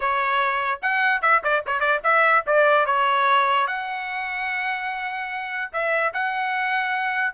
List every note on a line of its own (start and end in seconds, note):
0.00 0.80 C#5
0.82 1.21 F#5
1.21 1.42 E5
1.43 1.64 D5
1.66 1.79 C#5
1.79 2.00 D5
2.03 2.44 E5
2.46 2.86 D5
2.86 3.67 C#5
3.67 5.71 F#5
5.72 6.13 E5
6.13 7.34 F#5